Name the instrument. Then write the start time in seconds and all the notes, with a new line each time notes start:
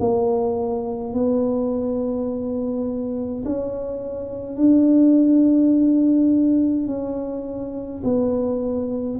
tuba
0.00 A#3
1.13 B3
3.45 C#4
4.57 D4
6.87 C#4
8.04 B3